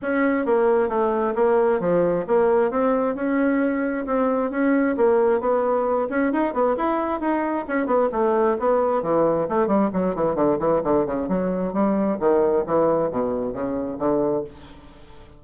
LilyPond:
\new Staff \with { instrumentName = "bassoon" } { \time 4/4 \tempo 4 = 133 cis'4 ais4 a4 ais4 | f4 ais4 c'4 cis'4~ | cis'4 c'4 cis'4 ais4 | b4. cis'8 dis'8 b8 e'4 |
dis'4 cis'8 b8 a4 b4 | e4 a8 g8 fis8 e8 d8 e8 | d8 cis8 fis4 g4 dis4 | e4 b,4 cis4 d4 | }